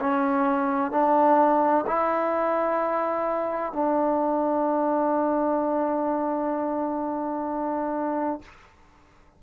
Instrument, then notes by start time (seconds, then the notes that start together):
trombone
0.00 C#4
0.91 D4
1.86 E4
3.72 D4